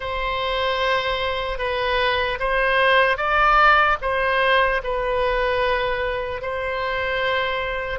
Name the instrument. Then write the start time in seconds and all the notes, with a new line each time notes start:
oboe
0.00 C5
1.58 B4
2.39 C5
3.17 D5
4.01 C5
4.83 B4
6.41 C5